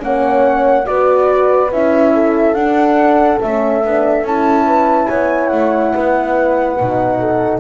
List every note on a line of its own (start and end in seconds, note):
0.00 0.88 A#3
0.00 0.85 C#4
0.00 0.88 C#5
0.00 0.86 F#5
0.85 1.72 B3
0.85 1.69 F#4
0.85 2.14 B4
0.85 1.71 D5
1.72 2.55 C#4
1.72 2.56 E4
1.72 2.54 E5
2.14 4.67 A4
2.54 3.40 D4
2.54 3.41 D4
2.54 3.39 F#5
3.42 3.85 A3
3.42 3.84 C#4
3.42 4.26 E5
3.84 4.23 B3
3.84 4.26 D4
4.23 5.08 C#4
4.23 6.79 E4
4.23 5.08 A5
4.67 5.08 B4
5.08 5.52 B3
5.08 5.93 C#5
5.08 5.48 G#5
5.48 5.94 A3
5.48 7.59 F#5
5.94 6.80 B3
5.94 7.20 B4
6.80 7.61 B2
6.80 7.61 D#4
7.20 7.61 A4